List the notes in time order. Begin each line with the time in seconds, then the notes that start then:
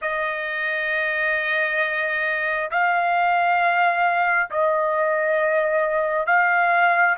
0.01 D#5
2.70 F5
4.50 D#5
6.26 F5